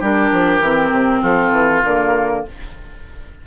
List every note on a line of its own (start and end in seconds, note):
0.00 0.32 G3
0.00 0.62 D4
0.00 1.21 G4
0.00 1.23 A#4
0.32 0.60 F3
0.60 0.91 E3
0.60 1.85 C4
0.92 1.22 C3
1.22 1.51 F3
1.22 2.43 F4
1.22 1.84 A4
1.51 1.82 E3
1.84 2.45 D3
1.84 2.47 A#3
1.84 2.46 A#4